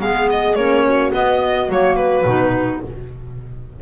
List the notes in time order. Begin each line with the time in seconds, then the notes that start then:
0.00 G#3 B3 G#4 F5
0.30 D#5
0.55 A#3 C#4 C#5
0.85 F#4
1.12 B3 D#5
1.69 F#3 A#3 C#5
1.96 B4
2.26 B2 D#4